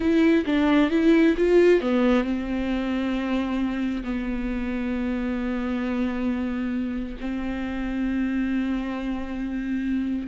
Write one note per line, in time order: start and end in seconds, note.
0.00 0.45 E4
0.45 0.90 D4
0.90 1.35 E4
1.37 1.80 F4
1.80 2.24 B3
2.24 4.03 C4
4.03 7.17 B3
7.20 10.28 C4